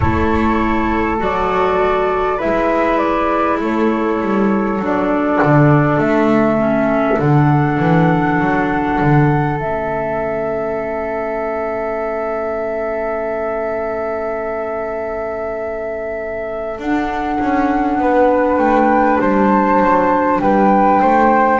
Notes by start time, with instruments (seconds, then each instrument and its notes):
0.00 double bass A3, clarinet E4, flute A4 C#5
1.18 double bass F#3, clarinet F#4, flute D5
2.37 clarinet E4, flute B4 E5
2.44 double bass G#3
2.98 flute D5
3.60 double bass A3, flute A4 C#5
4.20 double bass G3
4.79 double bass F#3, clarinet D4, flute D5
5.42 double bass D3
5.97 double bass A3, flute E5
6.58 clarinet C#4
7.18 double bass D3, clarinet D4, flute F#5
7.79 double bass E3
8.39 double bass F#3
9.00 double bass D3
9.59 double bass A3, clarinet C#4, flute E5
16.78 double bass D4, flute F#5
16.84 clarinet D4
17.40 double bass C#4
17.98 double bass B3, flute B4
18.57 double bass A3, flute G5
19.20 double bass G3, flute C5 A5
19.79 double bass F#3
20.39 double bass G3, flute B4 G5
21.00 double bass A3, flute C5